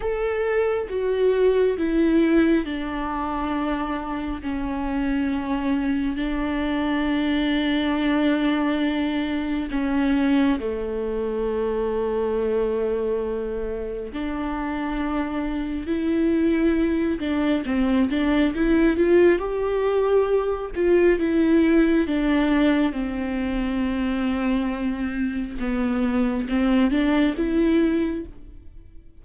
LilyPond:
\new Staff \with { instrumentName = "viola" } { \time 4/4 \tempo 4 = 68 a'4 fis'4 e'4 d'4~ | d'4 cis'2 d'4~ | d'2. cis'4 | a1 |
d'2 e'4. d'8 | c'8 d'8 e'8 f'8 g'4. f'8 | e'4 d'4 c'2~ | c'4 b4 c'8 d'8 e'4 | }